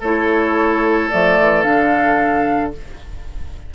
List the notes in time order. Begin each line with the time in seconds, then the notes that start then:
0.00 A3 E4 A4 C#5
1.09 F3 A3 D5
1.39 E3
1.62 D3 D4 F5